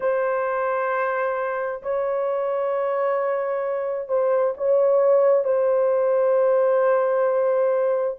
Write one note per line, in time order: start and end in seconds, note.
0.00 1.82 C5
1.82 4.08 C#5
4.08 4.53 C5
4.57 5.44 C#5
5.44 8.17 C5